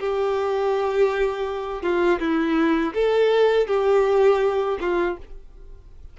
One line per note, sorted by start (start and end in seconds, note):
0.00 1.82 G4
1.82 2.19 F4
2.20 2.94 E4
2.94 3.67 A4
3.67 4.78 G4
4.80 5.18 F4